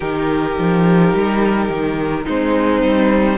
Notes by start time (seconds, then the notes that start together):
0.00 D#3 D#4 G4 A#4
0.58 F3
1.14 G3
1.69 D#3
2.24 G#3 C4 D#4 C5
2.82 G3